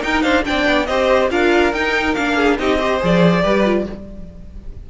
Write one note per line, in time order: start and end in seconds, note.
0.00 0.43 D#4
0.00 0.23 D#4
0.00 0.23 A#4
0.00 0.22 G5
0.22 0.44 D4
0.22 0.44 C5
0.22 0.43 F5
0.43 0.67 C4
0.43 0.85 D4
0.43 0.88 D5
0.43 0.86 G5
0.67 0.88 B3
0.86 1.30 C4
0.86 1.30 G4
0.86 1.30 C5
0.86 1.28 D#5
1.30 1.73 D4
1.30 1.73 F4
1.30 2.36 A#4
1.30 1.73 F5
1.73 2.15 D#4
1.73 2.16 D#4
1.73 2.14 G5
2.14 2.59 A#3
2.14 2.59 D4
2.14 2.57 F5
2.36 2.57 G#4
2.59 3.01 C4
2.59 2.79 D#4
2.59 2.79 G4
2.59 3.02 D#5
2.79 3.00 G4
2.79 3.42 C5
3.00 3.44 F3
3.00 3.43 G#4
3.00 3.90 D5
3.43 3.86 G3
3.43 3.64 G4
3.43 3.85 B4
3.65 3.86 F4